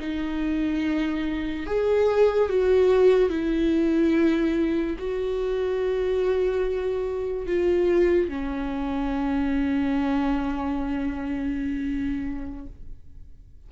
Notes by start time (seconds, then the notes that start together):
0.00 D#4
1.67 G#4
2.49 F#4
3.30 E4
4.98 F#4
7.47 F4
8.29 C#4